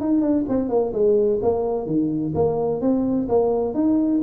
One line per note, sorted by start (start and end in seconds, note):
0.00 0.21 D#4
0.21 0.45 D4
0.49 0.69 C4
0.69 0.92 A#3
0.93 1.40 G#3
1.42 1.86 A#3
1.86 2.33 D#3
2.34 2.81 A#3
2.81 3.27 C4
3.28 3.74 A#3
3.74 4.21 D#4